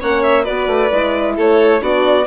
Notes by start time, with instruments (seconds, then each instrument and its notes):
0.00 bassoon A#3, horn C#4, violin C#5 F#5
0.23 violin E5
0.44 bassoon B3, horn F#4, violin B4 D5
0.67 bassoon A3
0.91 bassoon G#3, horn E4
1.37 bassoon A3, violin A4 C#5
1.80 bassoon B3, horn D4, violin F#4 D5